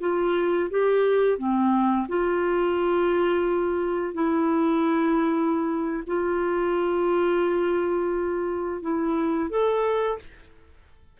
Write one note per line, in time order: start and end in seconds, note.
0.00 0.69 F4
0.70 1.38 G4
1.38 2.07 C4
2.08 4.13 F4
4.13 6.03 E4
6.06 8.82 F4
8.82 9.49 E4
9.49 10.18 A4